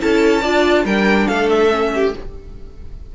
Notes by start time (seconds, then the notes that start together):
0.00 C#4 E4 A4 A5
0.42 D4 F4 D5
0.85 G3 D4 A#4 G5
1.28 A3 A4 F5
1.50 E5
1.71 C#4
1.95 G4